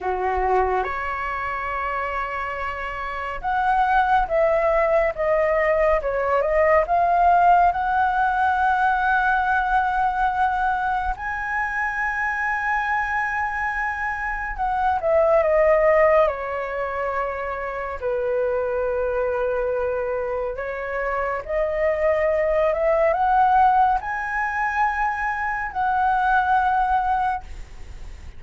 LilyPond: \new Staff \with { instrumentName = "flute" } { \time 4/4 \tempo 4 = 70 fis'4 cis''2. | fis''4 e''4 dis''4 cis''8 dis''8 | f''4 fis''2.~ | fis''4 gis''2.~ |
gis''4 fis''8 e''8 dis''4 cis''4~ | cis''4 b'2. | cis''4 dis''4. e''8 fis''4 | gis''2 fis''2 | }